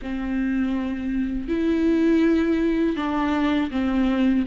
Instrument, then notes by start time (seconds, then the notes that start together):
viola
0.02 C4
1.48 E4
2.96 D4
3.70 C4